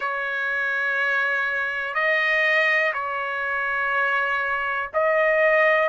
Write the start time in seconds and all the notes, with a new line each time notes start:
0.00 C#5
1.94 D#5
2.93 C#5
4.93 D#5